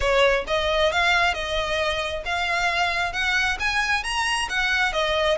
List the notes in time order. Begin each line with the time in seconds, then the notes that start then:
0.00 C#5
0.47 D#5
0.92 F5
1.34 D#5
2.25 F5
3.12 F#5
3.59 G#5
4.03 A#5
4.49 F#5
4.92 D#5